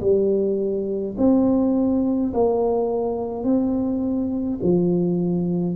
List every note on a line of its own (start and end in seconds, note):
0.00 1.15 G3
1.17 2.32 C4
2.33 3.44 A#3
3.44 4.59 C4
4.63 5.76 F3